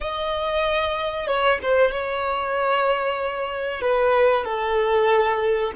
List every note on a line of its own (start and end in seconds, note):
0.00 1.27 D#5
1.27 1.59 C#5
1.62 1.91 C5
1.91 3.81 C#5
3.81 4.44 B4
4.44 5.72 A4